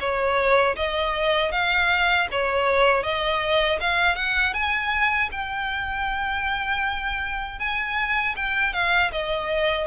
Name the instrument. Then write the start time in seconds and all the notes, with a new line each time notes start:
violin
0.00 C#5
0.76 D#5
1.52 F5
2.31 C#5
3.03 D#5
3.80 F5
4.16 F#5
4.54 G#5
5.32 G5
7.59 G#5
8.36 G5
8.73 F5
9.11 D#5